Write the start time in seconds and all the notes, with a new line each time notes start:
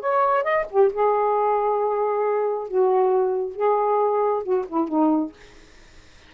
0.00 C#5
0.43 D#5
0.70 G4
0.93 G#4
2.68 F#4
3.56 G#4
4.43 F#4
4.68 E4
4.88 D#4